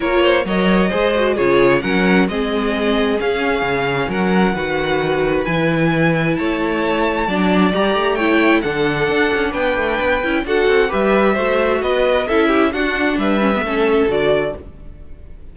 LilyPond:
<<
  \new Staff \with { instrumentName = "violin" } { \time 4/4 \tempo 4 = 132 cis''4 dis''2 cis''4 | fis''4 dis''2 f''4~ | f''4 fis''2. | gis''2 a''2~ |
a''4 ais''4 g''4 fis''4~ | fis''4 g''2 fis''4 | e''2 dis''4 e''4 | fis''4 e''2 d''4 | }
  \new Staff \with { instrumentName = "violin" } { \time 4/4 ais'8 c''8 cis''4 c''4 gis'4 | ais'4 gis'2.~ | gis'4 ais'4 b'2~ | b'2 cis''2 |
d''2 cis''4 a'4~ | a'4 b'2 a'4 | b'4 c''4 b'4 a'8 g'8 | fis'4 b'4 a'2 | }
  \new Staff \with { instrumentName = "viola" } { \time 4/4 f'4 ais'4 gis'8 fis'8 f'4 | cis'4 c'2 cis'4~ | cis'2 fis'2 | e'1 |
d'4 g'4 e'4 d'4~ | d'2~ d'8 e'8 fis'4 | g'4 fis'2 e'4 | d'4. cis'16 b16 cis'4 fis'4 | }
  \new Staff \with { instrumentName = "cello" } { \time 4/4 ais4 fis4 gis4 cis4 | fis4 gis2 cis'4 | cis4 fis4 dis2 | e2 a2 |
fis4 g8 a4. d4 | d'8 cis'8 b8 a8 b8 cis'8 d'8 c'8 | g4 a4 b4 cis'4 | d'4 g4 a4 d4 | }
>>